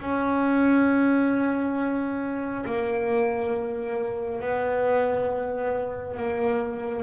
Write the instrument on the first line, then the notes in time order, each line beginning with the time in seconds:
double bass
0.00 C#4
2.66 A#3
4.41 B3
6.17 A#3